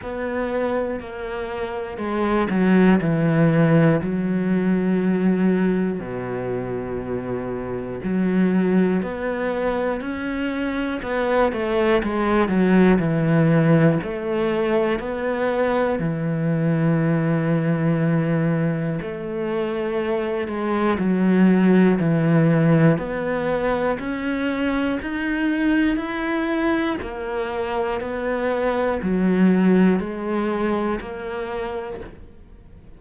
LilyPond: \new Staff \with { instrumentName = "cello" } { \time 4/4 \tempo 4 = 60 b4 ais4 gis8 fis8 e4 | fis2 b,2 | fis4 b4 cis'4 b8 a8 | gis8 fis8 e4 a4 b4 |
e2. a4~ | a8 gis8 fis4 e4 b4 | cis'4 dis'4 e'4 ais4 | b4 fis4 gis4 ais4 | }